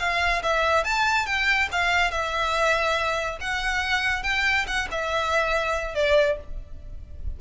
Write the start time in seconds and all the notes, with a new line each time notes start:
0.00 F5
0.43 E5
0.85 A5
1.26 G5
1.72 F5
2.12 E5
3.41 F#5
4.24 G5
4.67 F#5
4.91 E5
5.95 D5